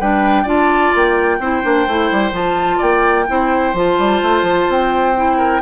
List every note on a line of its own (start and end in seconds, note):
0.00 0.45 G3
0.00 0.46 D4
0.00 0.43 B4
0.00 0.47 G5
0.43 0.92 D4
0.43 1.39 F4
0.43 1.37 D5
0.43 0.95 A5
0.95 1.39 A#3
0.95 2.35 G5
1.39 1.62 C4
1.39 1.63 E4
1.39 2.78 C5
1.63 1.87 A#3
1.63 1.87 D4
1.87 2.11 A3
1.87 2.32 E4
2.11 2.32 G3
2.32 2.79 F3
2.32 3.26 F4
2.32 2.82 A5
2.78 3.29 A#3
2.78 3.25 D5
2.78 3.75 G5
3.28 3.74 C4
3.28 3.75 E4
3.28 5.38 C5
3.74 3.97 F3
3.74 5.16 F4
3.74 4.71 A5
3.98 4.22 G3
4.22 4.42 A3
4.42 4.66 F3
4.69 5.62 C4
4.69 5.62 G5
5.16 5.62 E4
5.38 5.61 A#4